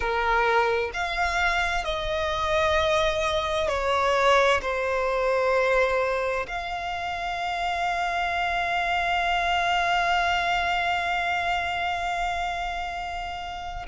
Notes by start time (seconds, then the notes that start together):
0.00 A#4
0.93 F5
1.84 D#5
3.68 C#5
4.62 C5
6.47 F5